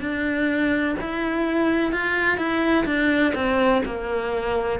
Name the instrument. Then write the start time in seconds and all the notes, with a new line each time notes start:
cello
0.00 D4
1.00 E4
1.92 F4
2.37 E4
2.85 D4
3.35 C4
3.85 A#3